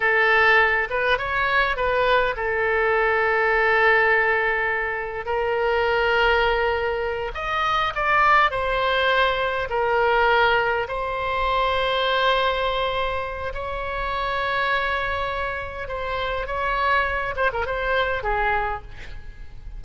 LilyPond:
\new Staff \with { instrumentName = "oboe" } { \time 4/4 \tempo 4 = 102 a'4. b'8 cis''4 b'4 | a'1~ | a'4 ais'2.~ | ais'8 dis''4 d''4 c''4.~ |
c''8 ais'2 c''4.~ | c''2. cis''4~ | cis''2. c''4 | cis''4. c''16 ais'16 c''4 gis'4 | }